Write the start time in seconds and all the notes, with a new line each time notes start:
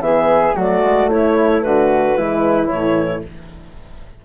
0.00 E3 B3 G#4 E5
0.54 F#3 A3 F#4 D5
0.82 G#3
1.07 A3 E4 C#5
1.61 D3 F#4 B4
2.17 E3 G#3 E4
2.68 A2 E3 C#5